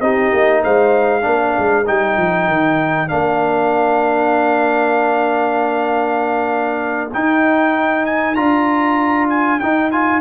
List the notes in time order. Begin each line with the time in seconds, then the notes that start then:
0.00 C4 D#4 G4 D#5
0.32 A#3
0.63 G#3 C5 F5
1.21 A#3 D4 A#4
1.58 G#3
1.86 G3 D#4 G5
2.17 F3
2.47 D#3
3.08 A#3 D4 F5
7.13 D#4 G5
8.05 G#5
8.34 D4 F4 A#5
9.29 G#5
9.59 D#4 G5
9.91 F4 G#5